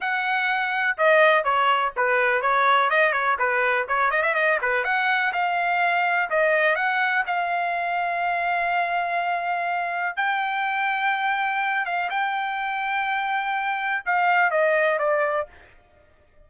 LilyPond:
\new Staff \with { instrumentName = "trumpet" } { \time 4/4 \tempo 4 = 124 fis''2 dis''4 cis''4 | b'4 cis''4 dis''8 cis''8 b'4 | cis''8 dis''16 e''16 dis''8 b'8 fis''4 f''4~ | f''4 dis''4 fis''4 f''4~ |
f''1~ | f''4 g''2.~ | g''8 f''8 g''2.~ | g''4 f''4 dis''4 d''4 | }